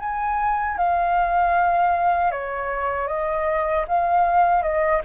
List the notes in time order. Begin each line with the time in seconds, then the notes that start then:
0.00 G#5
0.78 F5
2.31 C#5
3.07 D#5
3.87 F5
4.63 D#5